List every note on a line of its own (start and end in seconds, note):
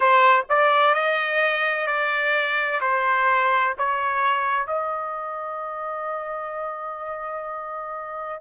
0.00 0.43 C5
0.49 0.94 D5
0.94 1.86 D#5
1.86 2.80 D5
2.80 3.74 C5
3.78 4.66 C#5
4.66 8.40 D#5